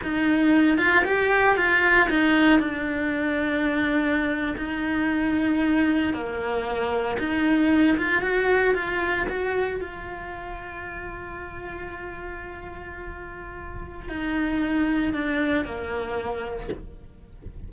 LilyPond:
\new Staff \with { instrumentName = "cello" } { \time 4/4 \tempo 4 = 115 dis'4. f'8 g'4 f'4 | dis'4 d'2.~ | d'8. dis'2. ais16~ | ais4.~ ais16 dis'4. f'8 fis'16~ |
fis'8. f'4 fis'4 f'4~ f'16~ | f'1~ | f'2. dis'4~ | dis'4 d'4 ais2 | }